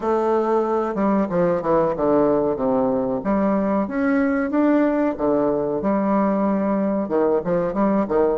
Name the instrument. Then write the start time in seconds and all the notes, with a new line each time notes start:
bassoon
0.00 A3
0.94 G3
1.29 F3
1.62 E3
1.96 D3
2.55 C3
3.23 G3
3.87 C#4
4.50 D4
5.17 D3
5.81 G3
7.08 D#3
7.44 F3
7.73 G3
8.08 D#3